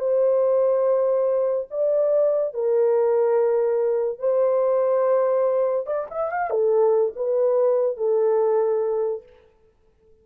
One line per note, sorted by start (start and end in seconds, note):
0.00 1.68 C5
1.71 2.54 D5
2.54 4.19 A#4
4.19 5.87 C5
5.87 6.08 D5
6.11 6.31 E5
6.31 6.50 F5
6.50 7.13 A4
7.16 7.97 B4
7.97 9.23 A4